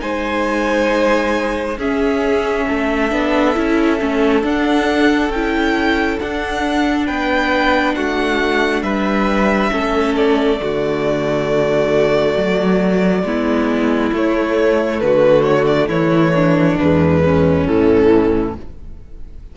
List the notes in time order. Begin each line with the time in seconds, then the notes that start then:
0.00 G#3 D#4 C5 G#5
1.77 C#4 G#4 E5
2.67 A3 A4
3.10 B3 D4
3.54 C#4 E4
4.00 A3 C#4
4.42 D4 F#5
5.29 C#4 G5
5.35 E4
6.19 D4 F#5
7.06 B3 B4 G5
7.95 A3 F#4 F#5
8.82 G3 B4 E5
9.71 A3 C#4 A4
10.16 D5
10.57 D3 A3 F#4
12.36 F#3
13.23 G#3 B3 E4
14.13 A3 C#5
15.00 D3 F#4 B4
15.43 C#5
15.66 D5
15.88 E3 E4 C#5
16.34 D4
16.79 E2 G#3 B4
17.24 C#4
17.67 A2 E3 A4